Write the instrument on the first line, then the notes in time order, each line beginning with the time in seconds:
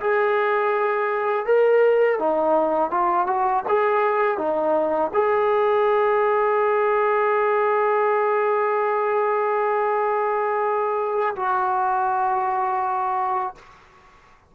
trombone
0.00 G#4
1.45 A#4
2.19 D#4
2.90 F4
3.27 F#4
3.68 G#4
4.38 D#4
5.13 G#4
11.35 F#4